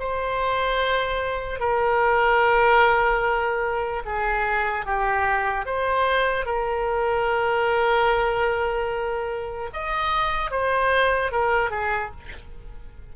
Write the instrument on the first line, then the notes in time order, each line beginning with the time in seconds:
oboe
0.00 C5
1.60 A#4
4.05 G#4
4.86 G4
5.66 C5
6.46 A#4
9.73 D#5
10.51 C5
11.32 A#4
11.71 G#4